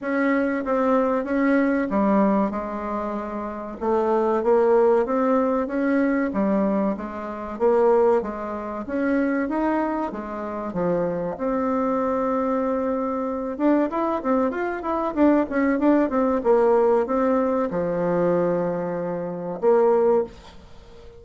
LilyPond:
\new Staff \with { instrumentName = "bassoon" } { \time 4/4 \tempo 4 = 95 cis'4 c'4 cis'4 g4 | gis2 a4 ais4 | c'4 cis'4 g4 gis4 | ais4 gis4 cis'4 dis'4 |
gis4 f4 c'2~ | c'4. d'8 e'8 c'8 f'8 e'8 | d'8 cis'8 d'8 c'8 ais4 c'4 | f2. ais4 | }